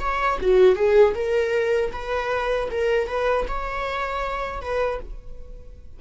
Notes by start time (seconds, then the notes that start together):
0.00 C#5
0.41 F#4
0.76 G#4
1.15 A#4
1.93 B4
2.71 A#4
3.08 B4
3.49 C#5
4.62 B4